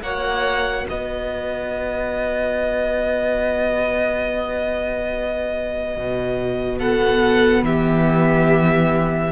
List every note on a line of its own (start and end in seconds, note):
0.00 0.86 A#3
0.00 6.76 F#4
0.00 0.87 C#5
0.00 0.86 F#5
0.87 5.96 B3
0.87 6.79 B4
0.87 6.79 D#5
5.96 7.62 B2
6.77 9.30 B3
6.77 7.63 A4
6.77 7.63 F#5
7.62 9.31 E3
7.62 9.31 G4
7.62 9.31 E5